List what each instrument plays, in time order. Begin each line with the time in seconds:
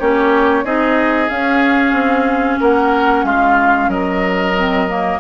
0.00 bassoon A#3, clarinet C#4, oboe G4, flute C#5
0.65 bassoon C4, clarinet D#4, oboe G#4, flute D#5
1.29 clarinet C#4, bassoon C#4, flute F5
1.93 bassoon C4
2.61 bassoon A#3, oboe A#4, flute F#5
3.24 bassoon G#3, oboe F4, flute F5
3.88 bassoon F#3, oboe A#4, flute D#5
4.57 clarinet C4
4.88 clarinet A#3